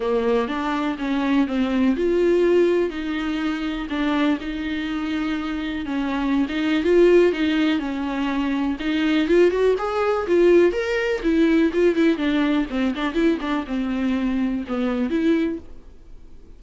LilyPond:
\new Staff \with { instrumentName = "viola" } { \time 4/4 \tempo 4 = 123 ais4 d'4 cis'4 c'4 | f'2 dis'2 | d'4 dis'2. | cis'4~ cis'16 dis'8. f'4 dis'4 |
cis'2 dis'4 f'8 fis'8 | gis'4 f'4 ais'4 e'4 | f'8 e'8 d'4 c'8 d'8 e'8 d'8 | c'2 b4 e'4 | }